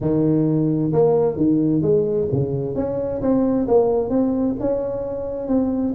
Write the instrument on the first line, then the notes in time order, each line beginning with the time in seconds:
tuba
0.01 D#3
0.93 A#3
1.36 D#3
1.82 G#3
2.32 C#3
2.75 C#4
3.21 C4
3.67 A#3
4.09 C4
4.60 C#4
5.47 C4